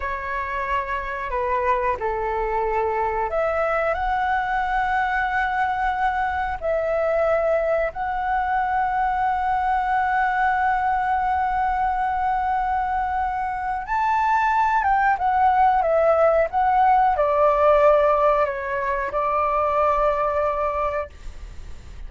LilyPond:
\new Staff \with { instrumentName = "flute" } { \time 4/4 \tempo 4 = 91 cis''2 b'4 a'4~ | a'4 e''4 fis''2~ | fis''2 e''2 | fis''1~ |
fis''1~ | fis''4 a''4. g''8 fis''4 | e''4 fis''4 d''2 | cis''4 d''2. | }